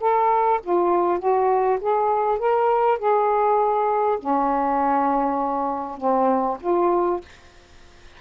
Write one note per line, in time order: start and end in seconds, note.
0.00 0.60 A4
0.63 1.19 F4
1.19 1.79 F#4
1.81 2.39 G#4
2.39 2.98 A#4
2.98 4.18 G#4
4.19 5.97 C#4
5.97 6.57 C4
6.61 7.21 F4